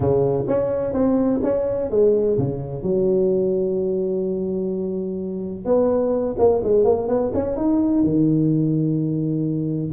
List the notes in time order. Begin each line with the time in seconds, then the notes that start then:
0.00 C#3
0.47 C#4
0.93 C4
1.43 C#4
1.90 G#3
2.38 C#3
2.82 F#3
5.65 B3
6.38 A#3
6.63 G#3
6.84 A#3
7.08 B3
7.34 C#4
7.56 D#4
8.03 D#3